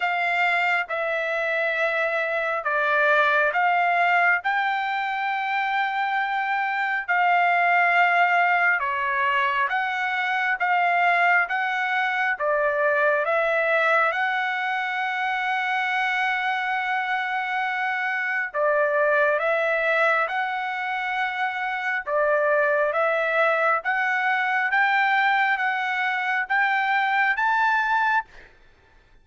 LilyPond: \new Staff \with { instrumentName = "trumpet" } { \time 4/4 \tempo 4 = 68 f''4 e''2 d''4 | f''4 g''2. | f''2 cis''4 fis''4 | f''4 fis''4 d''4 e''4 |
fis''1~ | fis''4 d''4 e''4 fis''4~ | fis''4 d''4 e''4 fis''4 | g''4 fis''4 g''4 a''4 | }